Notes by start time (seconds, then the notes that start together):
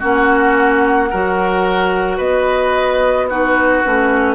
0.00 A#3 C#4 F#4 F#5
1.10 F#3 F#4 A#4
2.17 B3 B4 D#5
3.30 D#4 F#4 B4
3.85 A3 C#4